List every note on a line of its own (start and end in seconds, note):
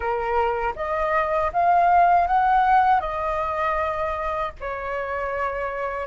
0.00 0.74 A#4
0.75 1.51 D#5
1.52 2.27 F5
2.27 3.00 F#5
3.00 4.52 D#5
4.60 6.06 C#5